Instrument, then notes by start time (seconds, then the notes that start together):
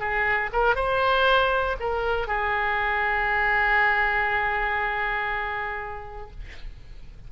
oboe
0.00 G#4
0.53 A#4
0.76 C5
1.80 A#4
2.27 G#4